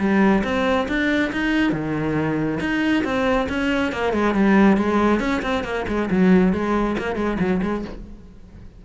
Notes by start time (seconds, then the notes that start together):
0.00 G3
0.44 C4
0.89 D4
1.33 D#4
1.73 D#3
2.61 D#4
3.05 C4
3.50 C#4
3.92 A#3
4.13 G#3
4.35 G3
4.77 G#3
5.20 C#4
5.43 C4
5.64 A#3
5.88 G#3
6.11 F#3
6.54 G#3
6.99 A#3
7.16 G#3
7.40 F#3
7.63 G#3